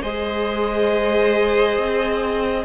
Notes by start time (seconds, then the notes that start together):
0.00 G#3 G#4 C5 D#5
1.78 C4